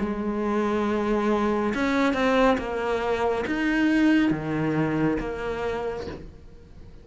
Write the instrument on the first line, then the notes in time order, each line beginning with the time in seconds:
cello
0.00 G#3
1.75 C#4
2.14 C4
2.58 A#3
3.47 D#4
4.31 D#3
5.20 A#3